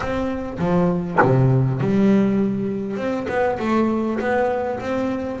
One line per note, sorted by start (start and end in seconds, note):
0.00 0.58 C4
0.58 1.18 F3
1.22 1.80 C3
1.80 2.96 G3
2.96 3.26 C4
3.28 3.58 B3
3.59 4.19 A3
4.19 4.79 B3
4.80 5.40 C4